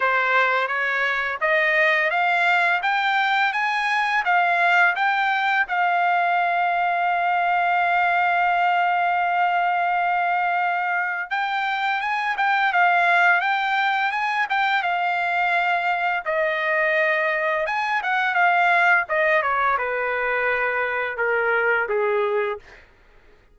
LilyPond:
\new Staff \with { instrumentName = "trumpet" } { \time 4/4 \tempo 4 = 85 c''4 cis''4 dis''4 f''4 | g''4 gis''4 f''4 g''4 | f''1~ | f''1 |
g''4 gis''8 g''8 f''4 g''4 | gis''8 g''8 f''2 dis''4~ | dis''4 gis''8 fis''8 f''4 dis''8 cis''8 | b'2 ais'4 gis'4 | }